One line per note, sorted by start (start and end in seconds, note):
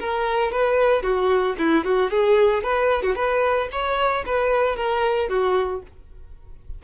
0.00 0.52 A#4
0.52 1.03 B4
1.03 1.56 F#4
1.58 1.85 E4
1.85 2.11 F#4
2.11 2.64 G#4
2.64 3.03 B4
3.03 3.16 F#4
3.16 3.69 B4
3.72 4.25 C#5
4.26 4.76 B4
4.76 5.29 A#4
5.29 5.82 F#4